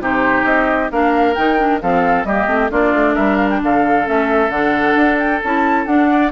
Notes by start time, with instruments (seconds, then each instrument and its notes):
0.00 bassoon C3, clarinet D#4, oboe G4, flute C5
0.44 bassoon C4, flute D#5
0.90 bassoon A#3, clarinet D4, oboe A#4, flute F5
1.34 bassoon D#3, clarinet D#4, flute G5
1.58 clarinet D4
1.81 bassoon F3, clarinet C4, oboe A4, flute F5
2.24 bassoon G3, clarinet A#3, oboe G4, flute D#5
2.47 bassoon A3, clarinet C4
2.70 bassoon A#3, clarinet D4, oboe F4, flute D5
2.93 bassoon A3
3.14 bassoon G3, oboe A#4, flute E5
3.37 flute F5
3.50 flute G5
3.62 bassoon D3, oboe A4, flute F5
4.04 bassoon A3, clarinet C#4, flute E5
4.49 bassoon D3, clarinet D4, flute F#5
4.95 bassoon D4
5.18 flute G5
5.44 bassoon C#4, clarinet E4, flute A5
5.86 bassoon D4, clarinet D4, flute F#5
6.10 oboe D5